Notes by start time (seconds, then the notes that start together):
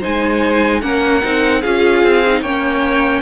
0.00 G#3 D#4 C5 G#5
0.82 A#3 C#4 A#4 F#5
1.23 C4 D#4
1.61 C#4 F4 G#4 F5
2.04 C4
2.27 D#4
2.41 A#3 C#4 C#5 G5